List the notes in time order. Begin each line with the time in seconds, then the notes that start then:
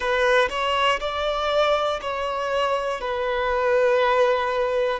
0.00 B4
0.50 C#5
1.00 D5
2.01 C#5
3.00 B4